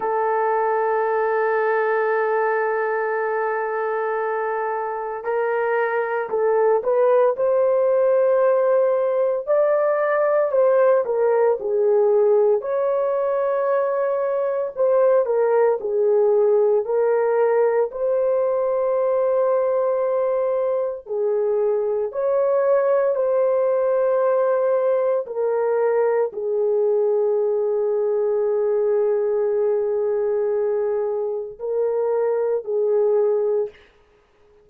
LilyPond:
\new Staff \with { instrumentName = "horn" } { \time 4/4 \tempo 4 = 57 a'1~ | a'4 ais'4 a'8 b'8 c''4~ | c''4 d''4 c''8 ais'8 gis'4 | cis''2 c''8 ais'8 gis'4 |
ais'4 c''2. | gis'4 cis''4 c''2 | ais'4 gis'2.~ | gis'2 ais'4 gis'4 | }